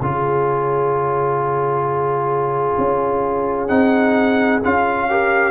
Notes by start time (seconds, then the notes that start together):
0.00 C#3 F4 G#4 C#5
2.77 C#4
3.67 C4 D#4 F#5
4.63 C#4 F4 F5
5.09 G4 A#4